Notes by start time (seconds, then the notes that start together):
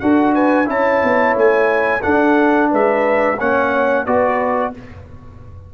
0.00 D4 F#4 A4 F#5
0.35 B4 G#5
0.66 C#4 E4 C#5 A5
1.04 B3
1.35 A3 G#5
2.02 D4 A4 F#5
2.71 G#3 B4 E5
3.38 A#3 C#4 C#5 F#5
4.05 B3 F#4 B4 D5